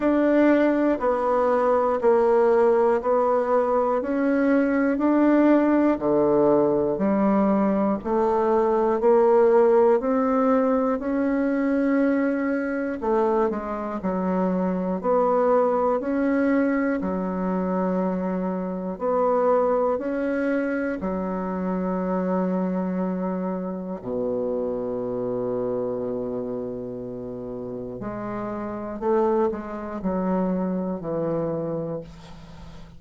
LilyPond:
\new Staff \with { instrumentName = "bassoon" } { \time 4/4 \tempo 4 = 60 d'4 b4 ais4 b4 | cis'4 d'4 d4 g4 | a4 ais4 c'4 cis'4~ | cis'4 a8 gis8 fis4 b4 |
cis'4 fis2 b4 | cis'4 fis2. | b,1 | gis4 a8 gis8 fis4 e4 | }